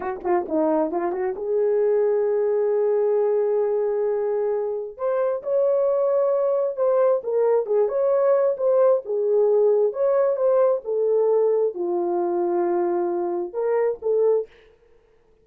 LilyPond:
\new Staff \with { instrumentName = "horn" } { \time 4/4 \tempo 4 = 133 fis'8 f'8 dis'4 f'8 fis'8 gis'4~ | gis'1~ | gis'2. c''4 | cis''2. c''4 |
ais'4 gis'8 cis''4. c''4 | gis'2 cis''4 c''4 | a'2 f'2~ | f'2 ais'4 a'4 | }